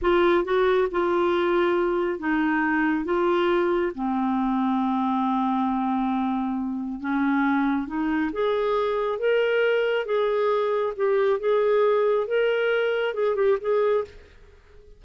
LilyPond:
\new Staff \with { instrumentName = "clarinet" } { \time 4/4 \tempo 4 = 137 f'4 fis'4 f'2~ | f'4 dis'2 f'4~ | f'4 c'2.~ | c'1 |
cis'2 dis'4 gis'4~ | gis'4 ais'2 gis'4~ | gis'4 g'4 gis'2 | ais'2 gis'8 g'8 gis'4 | }